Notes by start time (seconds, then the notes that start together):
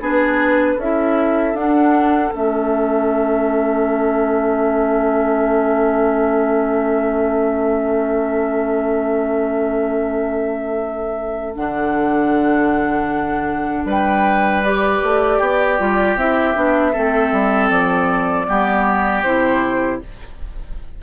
0.00 B3 D4 G#4 B4
0.76 C#4 E4 A4 E5
1.54 D4 F#5
2.33 A3 C#4 E5
11.54 D3 D4 F#5
13.85 G3 B4 G5
14.64 G4 D5
15.03 A3
15.38 B3 G4
15.78 G3 F4
16.16 C4 E4 E5
16.54 B3 D4
16.92 A3 C4 A4
17.32 G3
17.69 F3 D5
18.47 G3 B3 G4
19.23 C3 E4 C5